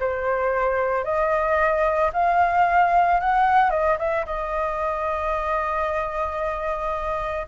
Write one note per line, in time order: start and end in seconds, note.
0.00 1.04 C5
1.04 2.11 D#5
2.13 3.20 F5
3.20 3.70 F#5
3.70 3.97 D#5
3.99 4.26 E5
4.26 7.47 D#5